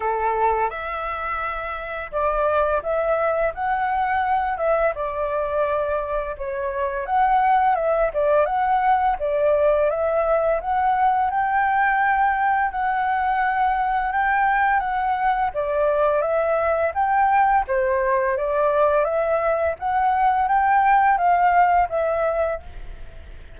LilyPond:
\new Staff \with { instrumentName = "flute" } { \time 4/4 \tempo 4 = 85 a'4 e''2 d''4 | e''4 fis''4. e''8 d''4~ | d''4 cis''4 fis''4 e''8 d''8 | fis''4 d''4 e''4 fis''4 |
g''2 fis''2 | g''4 fis''4 d''4 e''4 | g''4 c''4 d''4 e''4 | fis''4 g''4 f''4 e''4 | }